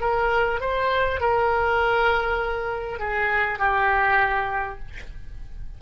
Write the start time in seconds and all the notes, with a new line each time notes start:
0.00 A#4
0.60 C5
1.20 A#4
2.99 G#4
3.58 G4